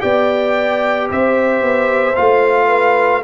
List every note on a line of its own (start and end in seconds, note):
0.00 1.10 B3
0.00 2.14 G4
0.00 1.09 D5
0.00 1.08 G5
1.10 1.62 C4
1.10 2.67 C5
1.10 2.16 E5
1.62 2.16 B3
2.16 3.24 A3
2.16 3.23 F4
2.16 3.23 F5
2.67 3.21 B4